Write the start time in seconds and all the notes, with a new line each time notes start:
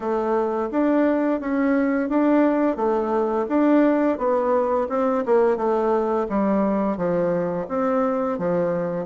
0.00 A3
0.71 D4
1.40 C#4
2.09 D4
2.76 A3
3.48 D4
4.18 B3
4.89 C4
5.25 A#3
5.57 A3
6.29 G3
6.97 F3
7.68 C4
8.38 F3